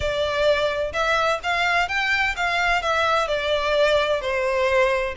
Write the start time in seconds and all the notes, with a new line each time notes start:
0.00 D5
0.92 E5
1.43 F5
1.88 G5
2.36 F5
2.82 E5
3.27 D5
4.21 C5